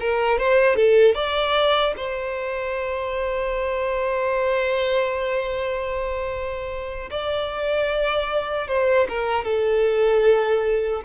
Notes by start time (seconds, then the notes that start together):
0.00 A#4
0.38 C5
0.76 A4
1.15 D5
1.97 C5
7.11 D5
8.68 C5
9.09 A#4
9.44 A4